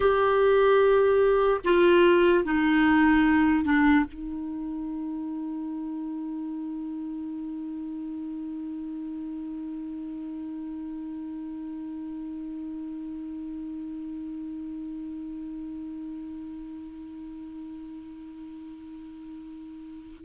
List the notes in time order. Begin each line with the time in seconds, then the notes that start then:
0.00 G4
1.64 F4
2.44 D#4
3.64 D4
4.07 D#4